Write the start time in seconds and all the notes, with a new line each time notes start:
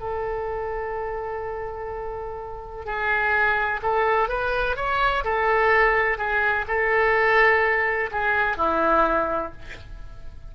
0.00 A4
2.86 G#4
3.83 A4
4.29 B4
4.77 C#5
5.25 A4
6.18 G#4
6.68 A4
8.12 G#4
8.57 E4